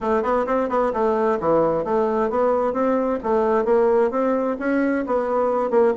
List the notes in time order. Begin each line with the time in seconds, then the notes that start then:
0.00 A3
0.22 B3
0.46 C4
0.69 B3
0.93 A3
1.39 E3
1.84 A3
2.29 B3
2.73 C4
3.23 A3
3.65 A#3
4.11 C4
4.59 C#4
5.06 B3
5.70 A#3